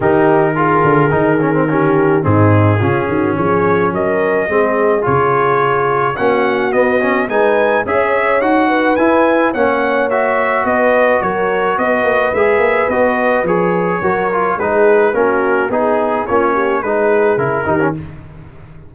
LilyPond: <<
  \new Staff \with { instrumentName = "trumpet" } { \time 4/4 \tempo 4 = 107 ais'1 | gis'2 cis''4 dis''4~ | dis''4 cis''2 fis''4 | dis''4 gis''4 e''4 fis''4 |
gis''4 fis''4 e''4 dis''4 | cis''4 dis''4 e''4 dis''4 | cis''2 b'4 ais'4 | gis'4 cis''4 b'4 ais'4 | }
  \new Staff \with { instrumentName = "horn" } { \time 4/4 g'4 gis'2 g'4 | dis'4 f'8 fis'8 gis'4 ais'4 | gis'2. fis'4~ | fis'4 b'4 cis''4. b'8~ |
b'4 cis''2 b'4 | ais'4 b'2.~ | b'4 ais'4 gis'4 fis'4 | gis'4 f'8 g'8 gis'4. g'8 | }
  \new Staff \with { instrumentName = "trombone" } { \time 4/4 dis'4 f'4 dis'8 cis'16 c'16 cis'4 | c'4 cis'2. | c'4 f'2 cis'4 | b8 cis'8 dis'4 gis'4 fis'4 |
e'4 cis'4 fis'2~ | fis'2 gis'4 fis'4 | gis'4 fis'8 f'8 dis'4 cis'4 | dis'4 cis'4 dis'4 e'8 dis'16 cis'16 | }
  \new Staff \with { instrumentName = "tuba" } { \time 4/4 dis4. d8 dis2 | gis,4 cis8 dis8 f4 fis4 | gis4 cis2 ais4 | b4 gis4 cis'4 dis'4 |
e'4 ais2 b4 | fis4 b8 ais8 gis8 ais8 b4 | f4 fis4 gis4 ais4 | b4 ais4 gis4 cis8 dis8 | }
>>